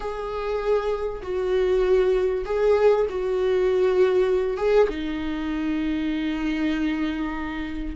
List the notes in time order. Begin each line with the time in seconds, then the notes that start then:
0.00 G#4
1.22 F#4
2.45 G#4
3.09 F#4
4.57 G#4
4.89 D#4